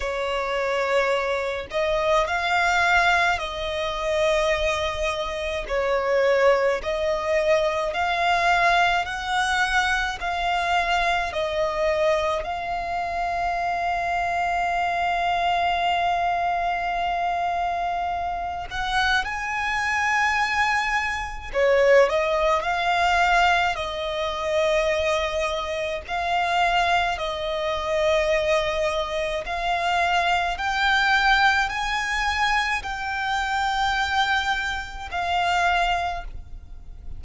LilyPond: \new Staff \with { instrumentName = "violin" } { \time 4/4 \tempo 4 = 53 cis''4. dis''8 f''4 dis''4~ | dis''4 cis''4 dis''4 f''4 | fis''4 f''4 dis''4 f''4~ | f''1~ |
f''8 fis''8 gis''2 cis''8 dis''8 | f''4 dis''2 f''4 | dis''2 f''4 g''4 | gis''4 g''2 f''4 | }